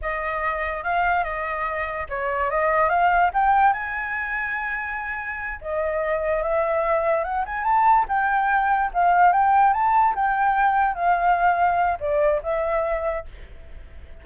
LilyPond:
\new Staff \with { instrumentName = "flute" } { \time 4/4 \tempo 4 = 145 dis''2 f''4 dis''4~ | dis''4 cis''4 dis''4 f''4 | g''4 gis''2.~ | gis''4. dis''2 e''8~ |
e''4. fis''8 gis''8 a''4 g''8~ | g''4. f''4 g''4 a''8~ | a''8 g''2 f''4.~ | f''4 d''4 e''2 | }